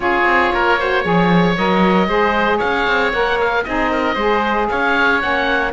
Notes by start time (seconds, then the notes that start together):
0.00 C#4 F4 G#4 C#5
0.25 C4
0.53 A#3 A#4
0.79 F#4 C5
1.03 F3 G#4 C#5
1.57 F#3 A#4 D#5
2.07 G#3 G#4 C5
2.57 C#5 F5
2.63 C#4
2.87 C4
3.12 A#3 A#4 F#5
3.40 F5
3.64 C4 D#4 G#4 D#5
3.91 A#4
4.14 G#3 G#4 C5
4.69 C#4 C#5 F5
5.20 A#3 C#4 F#5